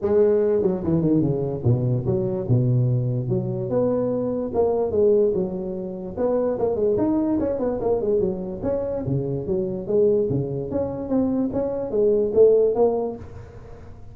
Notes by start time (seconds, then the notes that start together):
0.01 G#3
0.62 F#3
0.83 E3
1.01 D#3
1.21 C#3
1.64 B2
2.06 F#3
2.48 B2
3.28 F#3
3.69 B3
4.54 A#3
4.91 G#3
5.33 F#3
6.17 B3
6.58 A#3
6.75 G#3
6.97 D#4
7.39 C#4
7.59 B3
7.80 A#3
8.01 G#3
8.20 F#3
8.62 C#4
9.06 C#3
9.46 F#3
9.87 G#3
10.29 C#3
10.70 C#4
11.08 C4
11.52 C#4
11.90 G#3
12.34 A3
12.75 A#3